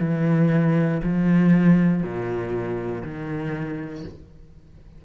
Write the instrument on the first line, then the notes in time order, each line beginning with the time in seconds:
cello
0.00 E3
1.04 F3
2.03 A#2
3.03 D#3